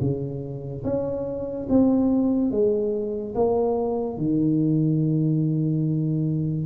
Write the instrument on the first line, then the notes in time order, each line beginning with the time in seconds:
tuba
0.00 C#3
0.83 C#4
1.69 C4
2.51 G#3
3.34 A#3
4.17 D#3